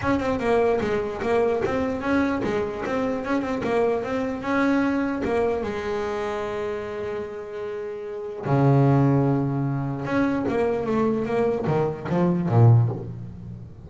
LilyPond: \new Staff \with { instrumentName = "double bass" } { \time 4/4 \tempo 4 = 149 cis'8 c'8 ais4 gis4 ais4 | c'4 cis'4 gis4 c'4 | cis'8 c'8 ais4 c'4 cis'4~ | cis'4 ais4 gis2~ |
gis1~ | gis4 cis2.~ | cis4 cis'4 ais4 a4 | ais4 dis4 f4 ais,4 | }